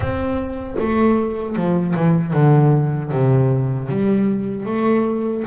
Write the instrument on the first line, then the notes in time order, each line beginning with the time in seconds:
double bass
0.00 C4
0.79 A3
1.55 F3
1.96 E3
2.33 D3
3.11 C3
3.89 G3
4.65 A3